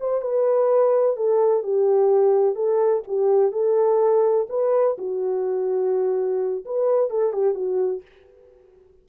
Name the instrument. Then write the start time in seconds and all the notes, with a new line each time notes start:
horn
0.00 C5
0.22 B4
1.16 A4
1.63 G4
2.55 A4
3.07 G4
3.52 A4
4.49 B4
4.98 F#4
6.65 B4
7.10 A4
7.33 G4
7.54 F#4